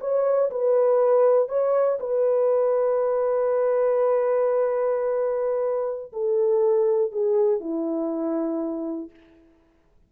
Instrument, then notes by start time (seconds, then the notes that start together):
horn
0.00 C#5
0.50 B4
1.49 C#5
2.00 B4
6.12 A4
7.11 G#4
7.60 E4